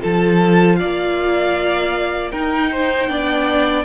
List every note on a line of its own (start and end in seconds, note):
0.00 0.81 F3
0.00 2.31 F4
0.00 0.78 A4
0.00 0.75 A5
0.75 2.31 D5
0.75 2.29 F5
0.82 2.32 A#3
2.31 3.08 D#4
2.31 2.70 A#4
2.31 3.85 G5
2.71 3.09 C5
3.08 3.85 B3
3.08 3.85 D4
3.08 3.85 D5